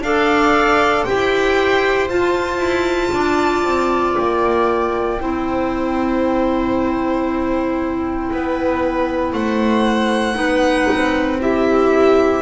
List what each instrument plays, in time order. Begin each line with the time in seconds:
0.00 double bass D4, clarinet A4, viola D5, violin F5
1.03 double bass E4, clarinet G4, viola C5, violin G5
2.08 double bass F4, clarinet F4, violin A5
2.57 double bass E4
3.12 double bass D4, viola D5
3.64 double bass C4
4.15 double bass A#3, violin G5
5.19 double bass C4, clarinet E4, viola C5
8.31 double bass B3, viola B4
9.33 double bass A3, viola C5, violin F#5
10.34 double bass B3, clarinet D#4, viola B4
10.90 double bass C4
11.39 clarinet E4, viola G4, violin E5